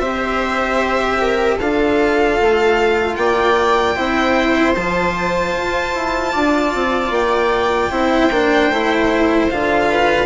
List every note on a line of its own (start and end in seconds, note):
0.00 1.58 C4
0.00 1.60 G4
0.00 1.20 C5
0.00 1.58 E5
1.21 1.57 A#4
1.57 2.40 D4
1.57 3.96 F4
1.57 3.15 A4
1.57 3.16 F5
2.41 3.17 A3
3.16 3.96 A#3
3.16 3.96 D5
3.16 4.74 G5
3.96 4.76 C4
3.96 4.75 E4
3.96 6.33 C5
4.76 5.55 F3
4.76 7.92 F4
4.76 7.13 A5
5.58 5.95 F4
5.95 6.34 E4
6.33 6.75 D4
6.33 7.91 D5
6.75 7.11 C4
7.11 7.90 A#3
7.11 9.50 G5
7.91 8.31 C4
7.91 8.31 E4
7.91 9.89 C5
8.31 8.70 A#3
8.31 8.72 D4
8.70 9.49 A3
8.70 9.51 E4
9.51 10.26 D3
9.51 10.26 F4
9.51 10.26 F5
9.89 10.26 B4